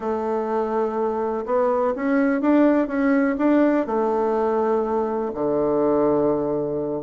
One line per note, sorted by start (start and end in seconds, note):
0.00 1.45 A3
1.45 1.94 B3
1.95 2.41 C#4
2.41 2.87 D4
2.87 3.36 C#4
3.38 3.86 D4
3.86 5.31 A3
5.34 7.02 D3